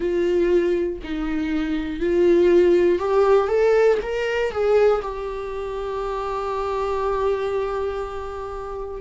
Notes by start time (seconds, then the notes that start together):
0.00 F4
1.03 D#4
2.00 F4
2.99 G4
3.47 A4
4.02 A#4
4.51 G#4
5.01 G4